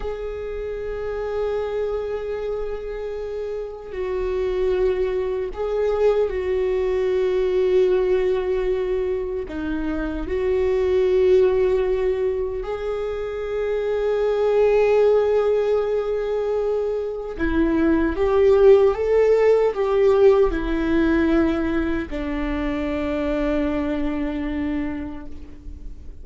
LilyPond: \new Staff \with { instrumentName = "viola" } { \time 4/4 \tempo 4 = 76 gis'1~ | gis'4 fis'2 gis'4 | fis'1 | dis'4 fis'2. |
gis'1~ | gis'2 e'4 g'4 | a'4 g'4 e'2 | d'1 | }